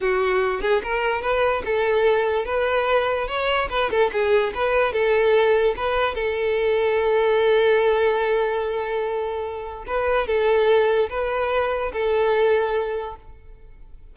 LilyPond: \new Staff \with { instrumentName = "violin" } { \time 4/4 \tempo 4 = 146 fis'4. gis'8 ais'4 b'4 | a'2 b'2 | cis''4 b'8 a'8 gis'4 b'4 | a'2 b'4 a'4~ |
a'1~ | a'1 | b'4 a'2 b'4~ | b'4 a'2. | }